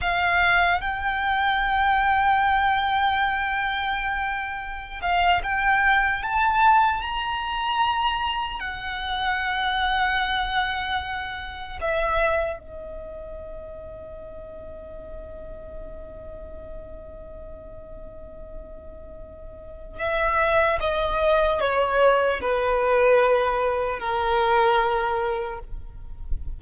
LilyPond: \new Staff \with { instrumentName = "violin" } { \time 4/4 \tempo 4 = 75 f''4 g''2.~ | g''2~ g''16 f''8 g''4 a''16~ | a''8. ais''2 fis''4~ fis''16~ | fis''2~ fis''8. e''4 dis''16~ |
dis''1~ | dis''1~ | dis''4 e''4 dis''4 cis''4 | b'2 ais'2 | }